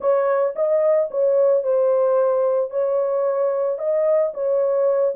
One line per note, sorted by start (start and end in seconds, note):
0.00 0.55 C#5
0.55 1.09 D#5
1.10 1.63 C#5
1.63 2.70 C5
2.70 3.78 C#5
3.78 4.32 D#5
4.33 5.14 C#5